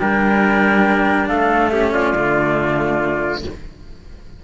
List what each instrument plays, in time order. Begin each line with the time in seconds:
0.00 cello G3 D4, trumpet A#4, flute G5
1.28 cello A3, trumpet A4, flute F5
1.69 cello C#4, trumpet G4, flute E5
1.92 trumpet F4, flute D5
2.14 cello D3 A3